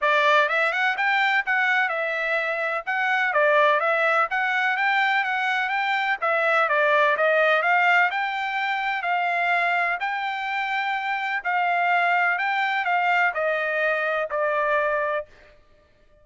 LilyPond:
\new Staff \with { instrumentName = "trumpet" } { \time 4/4 \tempo 4 = 126 d''4 e''8 fis''8 g''4 fis''4 | e''2 fis''4 d''4 | e''4 fis''4 g''4 fis''4 | g''4 e''4 d''4 dis''4 |
f''4 g''2 f''4~ | f''4 g''2. | f''2 g''4 f''4 | dis''2 d''2 | }